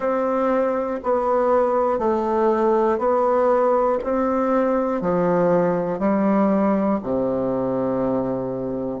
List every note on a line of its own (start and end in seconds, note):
0.00 1.00 C4
1.03 1.99 B3
1.99 2.98 A3
2.98 3.98 B3
4.03 5.01 C4
5.01 5.99 F3
5.99 6.99 G3
7.03 9.00 C3